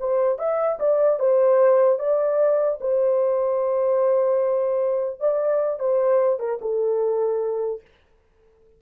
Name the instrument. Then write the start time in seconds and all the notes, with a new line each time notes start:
horn
0.00 C5
0.39 E5
0.80 D5
1.19 C5
1.99 D5
2.81 C5
5.20 D5
5.79 C5
6.40 A#4
6.62 A4